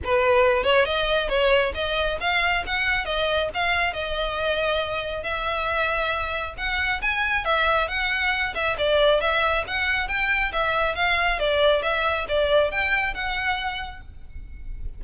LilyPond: \new Staff \with { instrumentName = "violin" } { \time 4/4 \tempo 4 = 137 b'4. cis''8 dis''4 cis''4 | dis''4 f''4 fis''4 dis''4 | f''4 dis''2. | e''2. fis''4 |
gis''4 e''4 fis''4. e''8 | d''4 e''4 fis''4 g''4 | e''4 f''4 d''4 e''4 | d''4 g''4 fis''2 | }